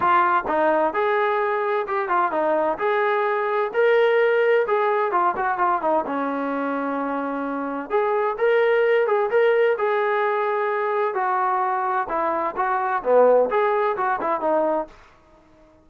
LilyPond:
\new Staff \with { instrumentName = "trombone" } { \time 4/4 \tempo 4 = 129 f'4 dis'4 gis'2 | g'8 f'8 dis'4 gis'2 | ais'2 gis'4 f'8 fis'8 | f'8 dis'8 cis'2.~ |
cis'4 gis'4 ais'4. gis'8 | ais'4 gis'2. | fis'2 e'4 fis'4 | b4 gis'4 fis'8 e'8 dis'4 | }